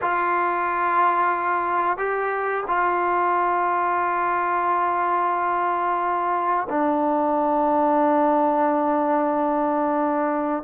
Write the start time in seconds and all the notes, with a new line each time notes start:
0.01 F4
1.97 G4
2.67 F4
6.69 D4